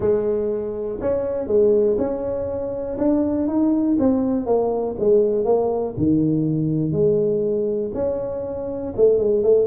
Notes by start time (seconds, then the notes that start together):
0.00 G#3
1.01 C#4
1.47 G#3
1.97 C#4
2.98 D4
3.47 D#4
3.99 C4
4.46 A#3
4.99 G#3
5.45 A#3
5.97 D#3
6.92 G#3
7.94 C#4
8.96 A3
9.18 G#3
9.43 A3